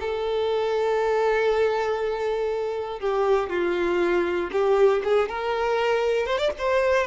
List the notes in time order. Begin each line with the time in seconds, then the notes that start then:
0.00 A4
3.00 G4
3.50 F4
4.52 G4
5.04 G#4
5.29 A#4
6.26 C5
6.38 D5
6.58 C5